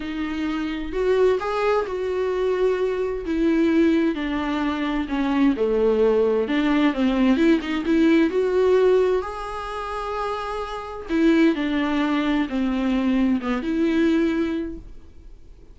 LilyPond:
\new Staff \with { instrumentName = "viola" } { \time 4/4 \tempo 4 = 130 dis'2 fis'4 gis'4 | fis'2. e'4~ | e'4 d'2 cis'4 | a2 d'4 c'4 |
e'8 dis'8 e'4 fis'2 | gis'1 | e'4 d'2 c'4~ | c'4 b8 e'2~ e'8 | }